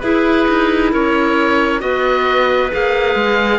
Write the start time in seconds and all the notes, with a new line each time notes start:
0.00 E4 G#4 B4
0.49 D#4
0.92 C#4 A#4 C#5
1.80 B3 F#4 B4 D#5
2.71 A#3 G#4 F5
3.15 G#3